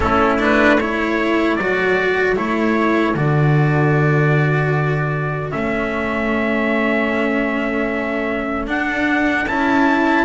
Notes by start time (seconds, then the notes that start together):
0.00 A3 C#4 E4 A4
0.39 D4 B4
0.77 E4 A4 C#5
1.55 F#3 F#4 D5
2.35 A3 E4 C#5
3.14 D3 F#4 D5
5.51 A3 C#4 E5
8.67 D4 F#5
9.47 C#4 E4 A5